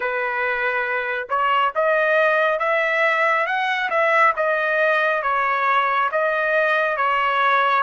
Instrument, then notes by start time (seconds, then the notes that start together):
trumpet
0.00 B4
1.29 C#5
1.75 D#5
2.59 E5
3.46 F#5
3.89 E5
4.36 D#5
5.22 C#5
6.11 D#5
6.96 C#5